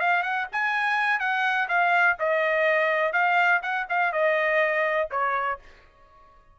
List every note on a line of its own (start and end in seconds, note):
0.00 0.23 F5
0.23 0.47 F#5
0.52 1.19 G#5
1.19 1.68 F#5
1.68 2.17 F5
2.19 3.13 D#5
3.13 3.61 F5
3.62 3.86 F#5
3.89 4.12 F5
4.12 5.09 D#5
5.11 5.59 C#5